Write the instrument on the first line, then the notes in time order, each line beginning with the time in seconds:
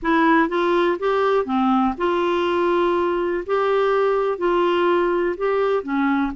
clarinet
0.02 E4
0.49 F4
0.99 G4
1.45 C4
1.97 F4
3.46 G4
4.38 F4
5.37 G4
5.83 C#4